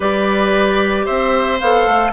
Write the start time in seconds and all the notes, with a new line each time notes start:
0.00 G3 G4 B4 D5
1.05 C4 C5 E5
1.59 B3 A4 F5
1.86 A3